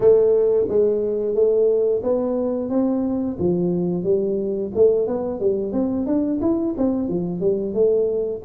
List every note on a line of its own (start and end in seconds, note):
0.00 0.66 A3
0.68 1.34 G#3
1.34 2.02 A3
2.03 2.69 B3
2.69 3.37 C4
3.38 4.03 F3
4.03 4.71 G3
4.75 5.07 A3
5.07 5.40 B3
5.40 5.72 G3
5.72 6.06 C4
6.06 6.40 D4
6.41 6.74 E4
6.78 7.08 C4
7.08 7.40 F3
7.40 7.73 G3
7.73 8.41 A3